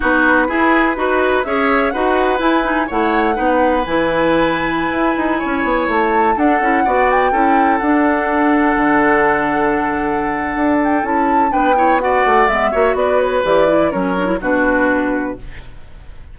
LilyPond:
<<
  \new Staff \with { instrumentName = "flute" } { \time 4/4 \tempo 4 = 125 b'2. e''4 | fis''4 gis''4 fis''2 | gis''1~ | gis''16 a''4 fis''4. g''4~ g''16~ |
g''16 fis''2.~ fis''8.~ | fis''2~ fis''8 g''8 a''4 | g''4 fis''4 e''4 d''8 cis''8 | d''4 cis''4 b'2 | }
  \new Staff \with { instrumentName = "oboe" } { \time 4/4 fis'4 gis'4 b'4 cis''4 | b'2 cis''4 b'4~ | b'2.~ b'16 cis''8.~ | cis''4~ cis''16 a'4 d''4 a'8.~ |
a'1~ | a'1 | b'8 cis''8 d''4. cis''8 b'4~ | b'4 ais'4 fis'2 | }
  \new Staff \with { instrumentName = "clarinet" } { \time 4/4 dis'4 e'4 fis'4 gis'4 | fis'4 e'8 dis'8 e'4 dis'4 | e'1~ | e'4~ e'16 d'8 e'8 fis'4 e'8.~ |
e'16 d'2.~ d'8.~ | d'2. e'4 | d'8 e'8 fis'4 b8 fis'4. | g'8 e'8 cis'8 d'16 e'16 d'2 | }
  \new Staff \with { instrumentName = "bassoon" } { \time 4/4 b4 e'4 dis'4 cis'4 | dis'4 e'4 a4 b4 | e2~ e16 e'8 dis'8 cis'8 b16~ | b16 a4 d'8 cis'8 b4 cis'8.~ |
cis'16 d'2 d4.~ d16~ | d2 d'4 cis'4 | b4. a8 gis8 ais8 b4 | e4 fis4 b,2 | }
>>